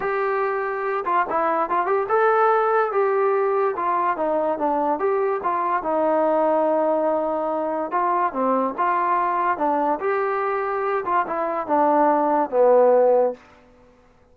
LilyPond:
\new Staff \with { instrumentName = "trombone" } { \time 4/4 \tempo 4 = 144 g'2~ g'8 f'8 e'4 | f'8 g'8 a'2 g'4~ | g'4 f'4 dis'4 d'4 | g'4 f'4 dis'2~ |
dis'2. f'4 | c'4 f'2 d'4 | g'2~ g'8 f'8 e'4 | d'2 b2 | }